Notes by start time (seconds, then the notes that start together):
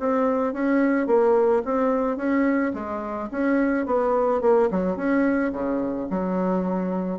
0.00 C4
0.54 C#4
1.07 A#3
1.65 C4
2.17 C#4
2.74 G#3
3.32 C#4
3.86 B3
4.42 A#3
4.71 F#3
4.97 C#4
5.53 C#3
6.11 F#3